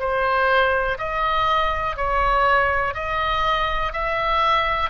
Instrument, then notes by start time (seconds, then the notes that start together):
oboe
0.00 C5
0.99 D#5
1.97 C#5
2.95 D#5
3.93 E5